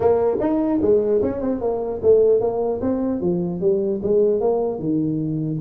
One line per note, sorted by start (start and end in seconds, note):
0.00 0.37 A#3
0.40 0.80 D#4
0.81 1.21 G#3
1.21 1.41 C#4
1.41 1.60 C4
1.60 2.00 A#3
2.02 2.40 A3
2.40 2.80 A#3
2.81 3.21 C4
3.21 3.60 F3
3.60 4.00 G3
4.03 4.40 G#3
4.40 4.79 A#3
4.79 5.59 D#3